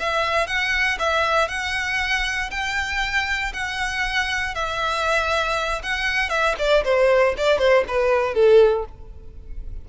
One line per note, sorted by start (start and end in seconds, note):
0.00 0.47 E5
0.47 0.98 F#5
0.99 1.49 E5
1.49 2.50 F#5
2.51 3.53 G5
3.54 4.55 F#5
4.55 5.82 E5
5.83 6.30 F#5
6.30 6.55 E5
6.59 6.84 D5
6.85 7.35 C5
7.38 7.59 D5
7.59 7.84 C5
7.88 8.35 B4
8.35 8.85 A4